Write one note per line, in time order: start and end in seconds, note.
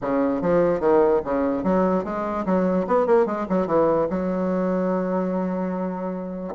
0.01 0.41 C#3
0.41 0.80 F3
0.80 1.20 D#3
1.24 1.63 C#3
1.63 2.04 F#3
2.04 2.45 G#3
2.45 2.86 F#3
2.87 3.06 B3
3.06 3.26 A#3
3.26 3.46 G#3
3.49 3.67 F#3
3.67 4.07 E3
4.10 6.55 F#3